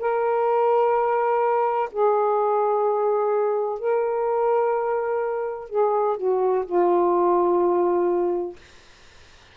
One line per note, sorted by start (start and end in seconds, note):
0.00 1.90 A#4
1.92 3.79 G#4
3.79 5.70 A#4
5.70 6.17 G#4
6.17 6.65 F#4
6.66 8.56 F4